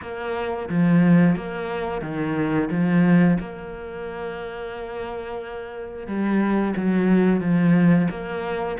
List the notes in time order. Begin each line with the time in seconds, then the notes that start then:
0.01 A#3
0.69 F3
1.35 A#3
2.01 D#3
2.70 F3
3.39 A#3
6.07 G3
6.76 F#3
7.40 F3
8.10 A#3